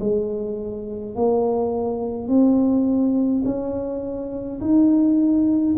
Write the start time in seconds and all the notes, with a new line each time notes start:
0.00 G#3
1.15 A#3
2.28 C4
3.45 C#4
4.60 D#4